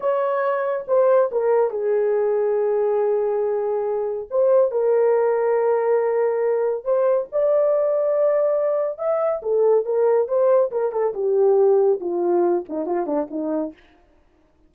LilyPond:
\new Staff \with { instrumentName = "horn" } { \time 4/4 \tempo 4 = 140 cis''2 c''4 ais'4 | gis'1~ | gis'2 c''4 ais'4~ | ais'1 |
c''4 d''2.~ | d''4 e''4 a'4 ais'4 | c''4 ais'8 a'8 g'2 | f'4. dis'8 f'8 d'8 dis'4 | }